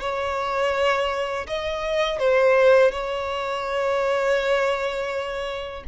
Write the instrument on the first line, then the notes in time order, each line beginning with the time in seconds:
violin
0.00 C#5
1.47 D#5
2.19 C5
2.91 C#5